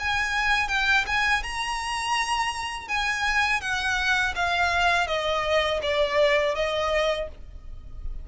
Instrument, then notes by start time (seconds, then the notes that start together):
violin
0.00 G#5
0.69 G5
1.07 G#5
1.44 A#5
2.89 G#5
3.62 F#5
4.36 F5
5.08 D#5
5.83 D5
6.56 D#5